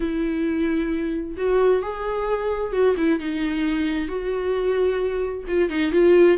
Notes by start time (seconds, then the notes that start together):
0.00 E4
1.37 F#4
1.82 G#4
2.72 F#4
2.97 E4
3.19 D#4
4.07 F#4
5.47 F4
5.69 D#4
5.92 F4